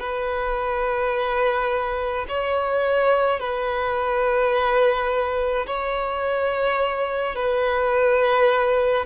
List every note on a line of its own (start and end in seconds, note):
0.00 2.26 B4
2.29 3.40 C#5
3.40 5.67 B4
5.67 7.36 C#5
7.36 9.06 B4